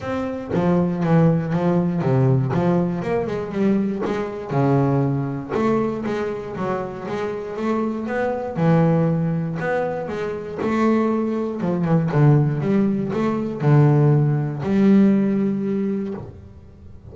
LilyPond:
\new Staff \with { instrumentName = "double bass" } { \time 4/4 \tempo 4 = 119 c'4 f4 e4 f4 | c4 f4 ais8 gis8 g4 | gis4 cis2 a4 | gis4 fis4 gis4 a4 |
b4 e2 b4 | gis4 a2 f8 e8 | d4 g4 a4 d4~ | d4 g2. | }